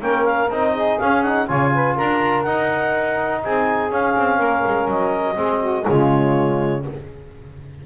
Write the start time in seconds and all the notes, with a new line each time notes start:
0.00 A#3 C#4 A#4 G5
0.25 F5
0.50 C4 D#4 D#5
0.73 G#4
0.99 C#4 F5
1.23 D#4 F#5
1.48 C#3 F4 C#5 G#5
1.75 B4
1.95 D4 A#4 A#5
2.43 D#4 F#5
3.44 C4 G#4 G#5
3.91 C#4 F5
4.16 C4
4.38 A#3 A#4
4.66 G#3
4.88 F#3 D#5
5.35 G#3 C4 G#4
5.60 F#4
5.86 C#3 G#3 F4 C#5